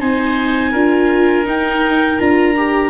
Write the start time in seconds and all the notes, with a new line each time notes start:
0.00 C4 D#4 C5 G#5
0.72 D4 F4 A#4
1.45 D#4 G5
2.19 D4 F4 A#5
2.57 G4